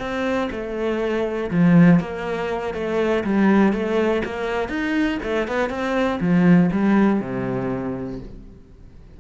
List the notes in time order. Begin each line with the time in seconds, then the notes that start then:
0.00 C4
0.51 A3
1.51 F3
2.00 A#3
2.75 A3
3.24 G3
3.73 A3
4.25 A#3
4.69 D#4
5.23 A3
5.48 B3
5.70 C4
6.21 F3
6.72 G3
7.21 C3